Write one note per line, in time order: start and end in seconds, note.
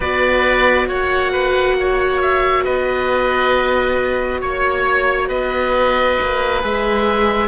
0.00 0.87 B3
0.00 6.61 F#4
0.00 0.88 B4
0.00 0.88 D5
0.87 2.64 A#3
0.87 1.32 C#5
0.87 2.21 F#5
1.32 1.76 B4
1.79 2.64 C#5
2.21 2.64 E5
2.64 4.41 B3
2.64 4.40 B4
2.64 4.41 D#5
4.40 5.29 A#3
4.40 5.28 C#5
5.28 6.18 B3
5.28 7.47 B4
5.28 6.61 D#5
6.20 6.63 A#3
6.61 7.47 G#3
6.61 7.47 G#4
6.61 7.47 E5